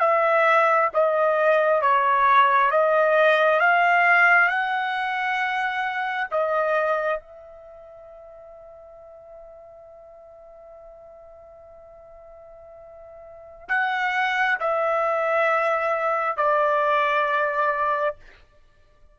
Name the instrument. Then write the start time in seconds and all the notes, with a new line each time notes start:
trumpet
0.00 E5
0.94 D#5
1.82 C#5
2.72 D#5
3.60 F5
4.49 F#5
6.31 D#5
7.20 E5
13.69 F#5
14.60 E5
16.37 D5